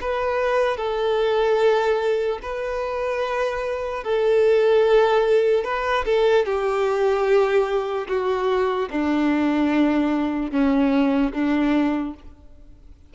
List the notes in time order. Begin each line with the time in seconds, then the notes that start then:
0.00 B4
0.77 A4
2.42 B4
4.04 A4
5.64 B4
6.05 A4
6.45 G4
8.07 F#4
8.90 D4
10.51 C#4
11.33 D4